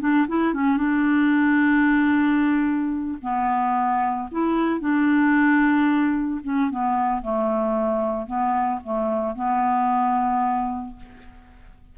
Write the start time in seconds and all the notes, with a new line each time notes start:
0.00 D4
0.28 E4
0.54 C#4
0.77 D4
3.22 B3
4.31 E4
4.81 D4
6.44 C#4
6.71 B3
7.22 A3
8.27 B3
8.84 A3
9.36 B3